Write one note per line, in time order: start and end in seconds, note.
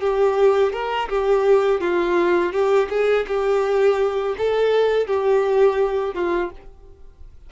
0.00 0.72 G4
0.72 1.08 A#4
1.08 1.80 G4
1.80 2.52 F4
2.52 2.88 G4
2.89 3.26 G#4
3.27 4.35 G4
4.37 5.06 A4
5.06 6.14 G4
6.14 6.50 F4